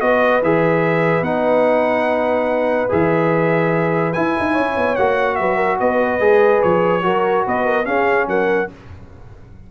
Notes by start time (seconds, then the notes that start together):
0.00 B3 F#4 B4 D#5
0.42 E3 G#4 E5
1.21 B3 D#4 F#5
2.89 E3 G#4 E5
4.13 E4 G#5
4.39 D#4
4.51 C#5
4.59 C#4
4.77 B3
4.96 A#3 F#4 F#5
5.35 F#3 B4 E5
5.56 A#4
5.80 B3 B4 D#5
6.20 G#3 G#4
6.62 F3 C#5
7.02 F#3 F#4 A#4
7.46 B3 B4 D#5
7.65 A#4
7.84 C#4 G#4 F5
8.27 F#3 A#4 F#5